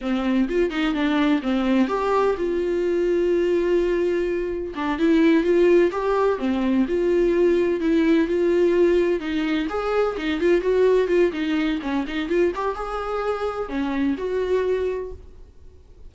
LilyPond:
\new Staff \with { instrumentName = "viola" } { \time 4/4 \tempo 4 = 127 c'4 f'8 dis'8 d'4 c'4 | g'4 f'2.~ | f'2 d'8 e'4 f'8~ | f'8 g'4 c'4 f'4.~ |
f'8 e'4 f'2 dis'8~ | dis'8 gis'4 dis'8 f'8 fis'4 f'8 | dis'4 cis'8 dis'8 f'8 g'8 gis'4~ | gis'4 cis'4 fis'2 | }